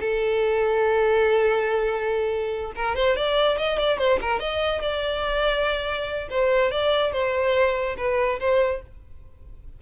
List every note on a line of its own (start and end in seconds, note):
0.00 2.73 A4
2.76 2.96 A#4
2.96 3.17 C5
3.17 3.58 D5
3.58 3.78 D#5
3.78 3.98 D5
3.98 4.19 C5
4.21 4.40 A#4
4.40 4.81 D#5
4.81 6.28 D5
6.30 6.71 C5
6.71 7.12 D5
7.12 7.96 C5
7.97 8.39 B4
8.40 8.82 C5